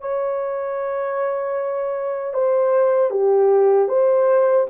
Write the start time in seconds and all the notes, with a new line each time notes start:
0.00 C#5
2.33 C5
3.10 G4
3.88 C5